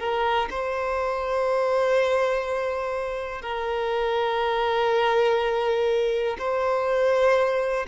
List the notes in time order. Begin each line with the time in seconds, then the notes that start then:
0.00 A#4
0.51 C5
3.42 A#4
6.39 C5